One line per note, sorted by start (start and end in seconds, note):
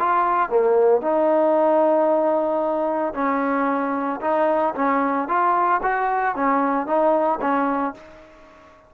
0.00 0.50 F4
0.50 1.02 A#3
1.02 3.14 D#4
3.14 4.20 C#4
4.21 4.74 D#4
4.75 5.28 C#4
5.28 5.81 F4
5.83 6.36 F#4
6.36 6.87 C#4
6.87 7.40 D#4
7.41 7.94 C#4